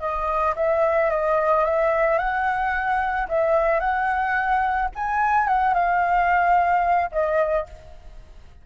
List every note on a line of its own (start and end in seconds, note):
0.00 0.55 D#5
0.56 1.10 E5
1.10 1.65 D#5
1.65 2.18 E5
2.18 3.27 F#5
3.29 3.80 E5
3.80 4.89 F#5
4.95 5.47 G#5
5.47 5.74 F#5
5.74 7.10 F5
7.12 7.66 D#5